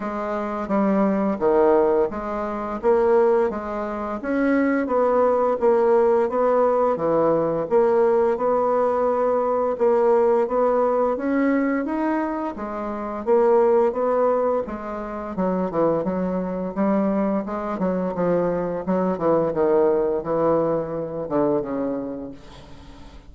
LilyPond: \new Staff \with { instrumentName = "bassoon" } { \time 4/4 \tempo 4 = 86 gis4 g4 dis4 gis4 | ais4 gis4 cis'4 b4 | ais4 b4 e4 ais4 | b2 ais4 b4 |
cis'4 dis'4 gis4 ais4 | b4 gis4 fis8 e8 fis4 | g4 gis8 fis8 f4 fis8 e8 | dis4 e4. d8 cis4 | }